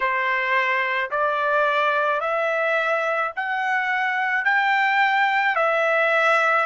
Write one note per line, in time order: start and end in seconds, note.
0.00 1.10 C5
1.11 2.20 D5
2.20 3.31 E5
3.35 4.44 F#5
4.44 5.56 G5
5.56 6.66 E5